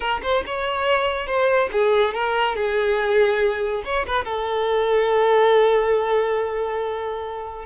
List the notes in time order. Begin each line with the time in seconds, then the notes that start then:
0.00 A#4
0.22 C5
0.46 C#5
1.26 C5
1.72 G#4
2.14 A#4
2.55 G#4
3.85 C#5
4.06 B4
4.24 A4